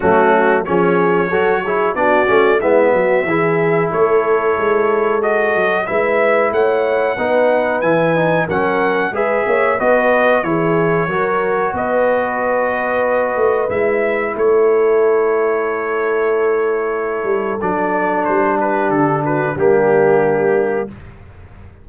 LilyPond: <<
  \new Staff \with { instrumentName = "trumpet" } { \time 4/4 \tempo 4 = 92 fis'4 cis''2 d''4 | e''2 cis''2 | dis''4 e''4 fis''2 | gis''4 fis''4 e''4 dis''4 |
cis''2 dis''2~ | dis''4 e''4 cis''2~ | cis''2. d''4 | c''8 b'8 a'8 b'8 g'2 | }
  \new Staff \with { instrumentName = "horn" } { \time 4/4 cis'4 gis'4 a'8 gis'8 fis'4 | e'8 fis'8 gis'4 a'2~ | a'4 b'4 cis''4 b'4~ | b'4 ais'4 b'8 cis''8 b'4 |
gis'4 ais'4 b'2~ | b'2 a'2~ | a'1~ | a'8 g'4 fis'8 d'2 | }
  \new Staff \with { instrumentName = "trombone" } { \time 4/4 a4 cis'4 fis'8 e'8 d'8 cis'8 | b4 e'2. | fis'4 e'2 dis'4 | e'8 dis'8 cis'4 gis'4 fis'4 |
e'4 fis'2.~ | fis'4 e'2.~ | e'2. d'4~ | d'2 ais2 | }
  \new Staff \with { instrumentName = "tuba" } { \time 4/4 fis4 f4 fis4 b8 a8 | gis8 fis8 e4 a4 gis4~ | gis8 fis8 gis4 a4 b4 | e4 fis4 gis8 ais8 b4 |
e4 fis4 b2~ | b8 a8 gis4 a2~ | a2~ a8 g8 fis4 | g4 d4 g2 | }
>>